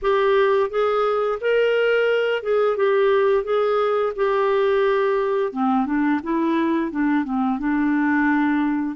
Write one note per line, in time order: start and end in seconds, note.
0.02 0.70 G4
0.70 1.39 G#4
1.40 2.42 A#4
2.42 2.76 G#4
2.76 3.44 G4
3.44 4.13 G#4
4.16 5.52 G4
5.52 5.86 C4
5.86 6.20 D4
6.23 6.91 E4
6.91 7.24 D4
7.24 7.58 C4
7.58 8.96 D4